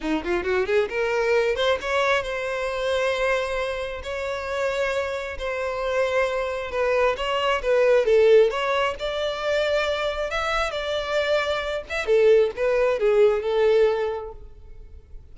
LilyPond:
\new Staff \with { instrumentName = "violin" } { \time 4/4 \tempo 4 = 134 dis'8 f'8 fis'8 gis'8 ais'4. c''8 | cis''4 c''2.~ | c''4 cis''2. | c''2. b'4 |
cis''4 b'4 a'4 cis''4 | d''2. e''4 | d''2~ d''8 e''8 a'4 | b'4 gis'4 a'2 | }